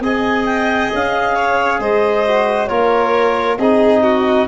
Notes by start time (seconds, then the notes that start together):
0.00 C4 G#4 D#5 G#5
0.45 G5
0.93 C#4 F5
1.35 C#5
1.79 G#3 C5 D#5
2.26 F#4
2.67 A#3 F4 A#4 C#5
3.57 C4 D#4 G#4 D#5
4.03 F#4